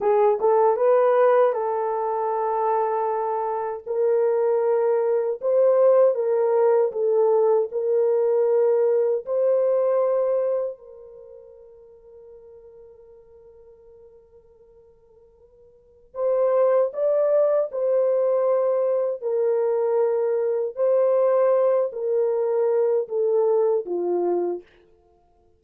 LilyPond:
\new Staff \with { instrumentName = "horn" } { \time 4/4 \tempo 4 = 78 gis'8 a'8 b'4 a'2~ | a'4 ais'2 c''4 | ais'4 a'4 ais'2 | c''2 ais'2~ |
ais'1~ | ais'4 c''4 d''4 c''4~ | c''4 ais'2 c''4~ | c''8 ais'4. a'4 f'4 | }